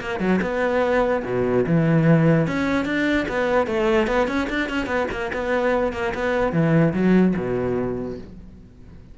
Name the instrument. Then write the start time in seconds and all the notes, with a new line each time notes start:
cello
0.00 A#3
0.19 F#3
0.41 B3
1.24 B2
1.66 E3
2.47 C#4
2.85 D4
3.28 B3
3.67 A3
4.07 B3
4.27 C#4
4.49 D4
4.69 C#4
4.86 B3
5.11 A#3
5.33 B3
5.92 A#3
6.14 B3
6.52 E3
6.93 F#3
7.36 B2